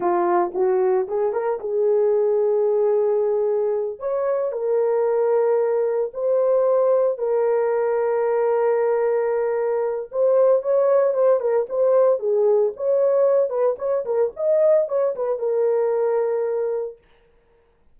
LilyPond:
\new Staff \with { instrumentName = "horn" } { \time 4/4 \tempo 4 = 113 f'4 fis'4 gis'8 ais'8 gis'4~ | gis'2.~ gis'8 cis''8~ | cis''8 ais'2. c''8~ | c''4. ais'2~ ais'8~ |
ais'2. c''4 | cis''4 c''8 ais'8 c''4 gis'4 | cis''4. b'8 cis''8 ais'8 dis''4 | cis''8 b'8 ais'2. | }